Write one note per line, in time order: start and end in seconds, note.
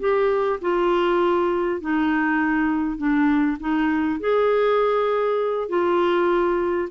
0.00 0.60 G4
0.61 1.81 F4
1.81 2.98 D#4
2.98 3.58 D4
3.60 4.20 D#4
4.20 5.69 G#4
5.69 6.89 F4